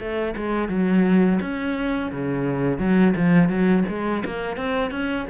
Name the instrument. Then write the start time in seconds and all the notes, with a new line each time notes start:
cello
0.00 A3
0.37 G#3
0.69 F#3
1.41 C#4
2.12 C#3
2.79 F#3
3.16 F3
3.49 F#3
3.89 G#3
4.26 A#3
4.57 C4
4.92 C#4